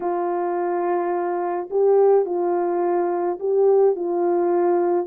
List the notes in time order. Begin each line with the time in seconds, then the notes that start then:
0.00 F4
1.70 G4
2.25 F4
3.39 G4
3.95 F4